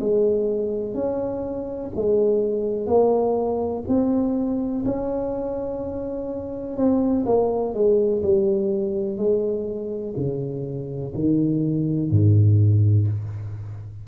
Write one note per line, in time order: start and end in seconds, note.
0.00 0.94 G#3
0.94 1.91 C#4
1.96 2.87 G#3
2.87 3.84 A#3
3.88 4.85 C4
4.86 6.77 C#4
6.77 7.25 C4
7.26 7.74 A#3
7.74 8.23 G#3
8.23 9.18 G3
9.18 10.14 G#3
10.17 11.13 C#3
11.15 12.11 D#3
12.11 13.08 G#2